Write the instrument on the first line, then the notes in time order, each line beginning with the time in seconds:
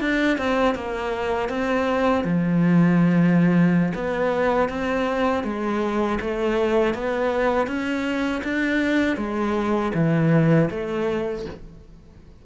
cello
0.00 D4
0.38 C4
0.75 A#3
1.49 C4
2.24 F3
3.94 B3
4.69 C4
5.44 G#3
6.20 A3
6.94 B3
7.67 C#4
8.44 D4
9.17 G#3
9.94 E3
10.70 A3